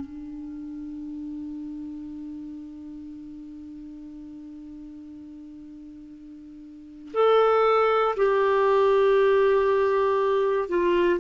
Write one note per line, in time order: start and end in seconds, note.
0.00 7.12 D4
7.14 8.15 A4
8.17 10.69 G4
10.69 11.20 F4